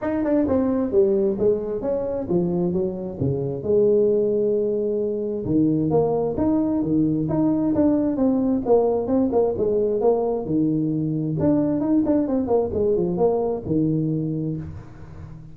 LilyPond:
\new Staff \with { instrumentName = "tuba" } { \time 4/4 \tempo 4 = 132 dis'8 d'8 c'4 g4 gis4 | cis'4 f4 fis4 cis4 | gis1 | dis4 ais4 dis'4 dis4 |
dis'4 d'4 c'4 ais4 | c'8 ais8 gis4 ais4 dis4~ | dis4 d'4 dis'8 d'8 c'8 ais8 | gis8 f8 ais4 dis2 | }